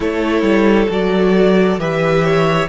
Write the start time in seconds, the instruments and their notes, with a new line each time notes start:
0.00 cello A3, viola E4, violin A4 C#5
0.41 cello G3
0.89 cello F#3, viola F#4, violin D5
1.78 cello E3, viola G4, violin B4 E5
2.24 violin C#5